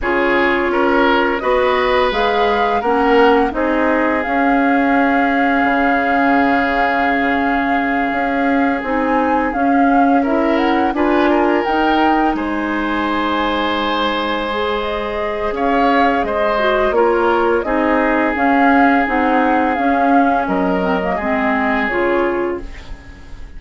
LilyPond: <<
  \new Staff \with { instrumentName = "flute" } { \time 4/4 \tempo 4 = 85 cis''2 dis''4 f''4 | fis''4 dis''4 f''2~ | f''1~ | f''8 gis''4 f''4 e''8 fis''8 gis''8~ |
gis''8 g''4 gis''2~ gis''8~ | gis''4 dis''4 f''4 dis''4 | cis''4 dis''4 f''4 fis''4 | f''4 dis''2 cis''4 | }
  \new Staff \with { instrumentName = "oboe" } { \time 4/4 gis'4 ais'4 b'2 | ais'4 gis'2.~ | gis'1~ | gis'2~ gis'8 ais'4 b'8 |
ais'4. c''2~ c''8~ | c''2 cis''4 c''4 | ais'4 gis'2.~ | gis'4 ais'4 gis'2 | }
  \new Staff \with { instrumentName = "clarinet" } { \time 4/4 f'2 fis'4 gis'4 | cis'4 dis'4 cis'2~ | cis'1~ | cis'8 dis'4 cis'4 e'4 f'8~ |
f'8 dis'2.~ dis'8~ | dis'8 gis'2. fis'8 | f'4 dis'4 cis'4 dis'4 | cis'4. c'16 ais16 c'4 f'4 | }
  \new Staff \with { instrumentName = "bassoon" } { \time 4/4 cis4 cis'4 b4 gis4 | ais4 c'4 cis'2 | cis2.~ cis8 cis'8~ | cis'8 c'4 cis'2 d'8~ |
d'8 dis'4 gis2~ gis8~ | gis2 cis'4 gis4 | ais4 c'4 cis'4 c'4 | cis'4 fis4 gis4 cis4 | }
>>